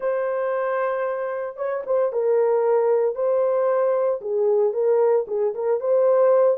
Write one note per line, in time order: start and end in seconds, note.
0.00 1.56 C5
1.56 1.83 C#5
1.85 2.12 C5
2.12 3.15 A#4
3.15 4.20 C5
4.21 4.73 G#4
4.73 5.25 A#4
5.27 5.54 G#4
5.54 5.80 A#4
5.80 6.57 C5